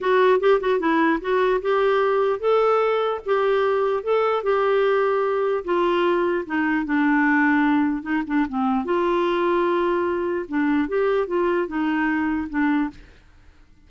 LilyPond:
\new Staff \with { instrumentName = "clarinet" } { \time 4/4 \tempo 4 = 149 fis'4 g'8 fis'8 e'4 fis'4 | g'2 a'2 | g'2 a'4 g'4~ | g'2 f'2 |
dis'4 d'2. | dis'8 d'8 c'4 f'2~ | f'2 d'4 g'4 | f'4 dis'2 d'4 | }